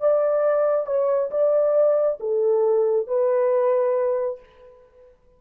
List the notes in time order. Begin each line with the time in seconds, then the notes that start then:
0.00 D5
0.86 C#5
1.31 D5
2.20 A4
3.07 B4